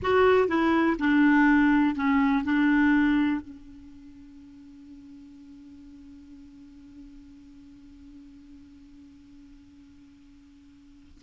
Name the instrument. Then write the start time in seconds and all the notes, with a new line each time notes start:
clarinet
0.02 F#4
0.48 E4
0.99 D4
1.95 C#4
2.43 D4
3.41 C#4